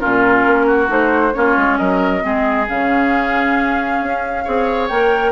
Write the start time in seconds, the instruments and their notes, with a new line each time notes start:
0.00 bassoon A#2, clarinet C#4, oboe F4, flute A#4
0.47 bassoon A#3
0.66 oboe F#4
0.88 bassoon A3, clarinet D#4, flute C5
1.34 bassoon A#3, clarinet C#4, oboe F4, flute C#5
1.57 bassoon G#3
1.78 bassoon F#3, oboe A#4, flute D#5
2.21 bassoon G#3, clarinet C4, oboe G#4
2.69 bassoon C#3, clarinet C#4, flute F5
4.01 bassoon C#4
4.44 bassoon C4, clarinet G#4, oboe C#5
4.88 bassoon A#3, clarinet A#4, flute G5